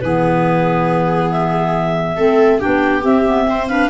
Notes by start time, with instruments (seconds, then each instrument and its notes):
0.00 tuba E3, clarinet B3 B4, viola G#4
1.31 clarinet E5
2.16 tuba A3, clarinet C4, viola A4
2.59 clarinet D4 G5, viola G4
2.66 tuba B3
3.01 clarinet C4 E5, tuba C4
3.26 clarinet B3
3.45 clarinet C4, viola C5
3.67 clarinet D4 F5, viola B4